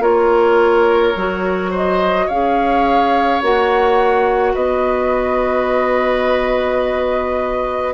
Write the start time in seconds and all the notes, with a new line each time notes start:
0.00 A#3 F4 A#4 C#5
1.16 F#3 F#4
1.71 C5 D#5
2.26 C#4 G#4 C#5 F5
3.42 A#3 F#4 F#5
4.54 B3 B4 D#5